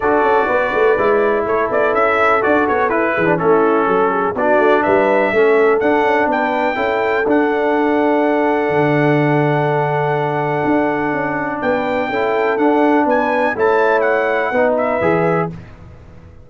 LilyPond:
<<
  \new Staff \with { instrumentName = "trumpet" } { \time 4/4 \tempo 4 = 124 d''2. cis''8 d''8 | e''4 d''8 cis''8 b'4 a'4~ | a'4 d''4 e''2 | fis''4 g''2 fis''4~ |
fis''1~ | fis''1 | g''2 fis''4 gis''4 | a''4 fis''4. e''4. | }
  \new Staff \with { instrumentName = "horn" } { \time 4/4 a'4 b'2 a'4~ | a'2~ a'8 gis'8 e'4 | a'8 gis'8 fis'4 b'4 a'4~ | a'4 b'4 a'2~ |
a'1~ | a'1 | b'4 a'2 b'4 | cis''2 b'2 | }
  \new Staff \with { instrumentName = "trombone" } { \time 4/4 fis'2 e'2~ | e'4 fis'4 e'8. d'16 cis'4~ | cis'4 d'2 cis'4 | d'2 e'4 d'4~ |
d'1~ | d'1~ | d'4 e'4 d'2 | e'2 dis'4 gis'4 | }
  \new Staff \with { instrumentName = "tuba" } { \time 4/4 d'8 cis'8 b8 a8 gis4 a8 b8 | cis'4 d'8 b8 e'8 e8 a4 | fis4 b8 a8 g4 a4 | d'8 cis'8 b4 cis'4 d'4~ |
d'2 d2~ | d2 d'4 cis'4 | b4 cis'4 d'4 b4 | a2 b4 e4 | }
>>